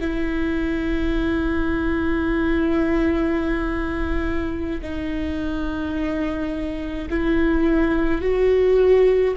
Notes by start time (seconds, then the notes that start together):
0.00 E4
4.82 D#4
7.10 E4
8.21 F#4